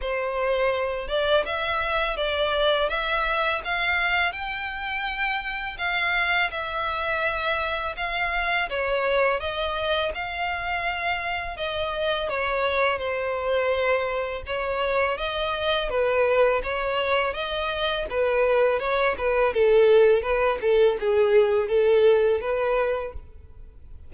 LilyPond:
\new Staff \with { instrumentName = "violin" } { \time 4/4 \tempo 4 = 83 c''4. d''8 e''4 d''4 | e''4 f''4 g''2 | f''4 e''2 f''4 | cis''4 dis''4 f''2 |
dis''4 cis''4 c''2 | cis''4 dis''4 b'4 cis''4 | dis''4 b'4 cis''8 b'8 a'4 | b'8 a'8 gis'4 a'4 b'4 | }